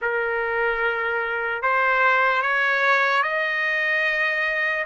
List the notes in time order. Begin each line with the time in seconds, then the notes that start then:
0.01 A#4
1.62 C5
2.41 C#5
3.22 D#5